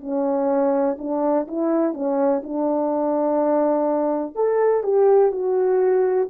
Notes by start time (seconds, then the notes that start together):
0.00 C#4
0.98 D4
1.47 E4
1.94 C#4
2.43 D4
4.35 A4
4.83 G4
5.31 F#4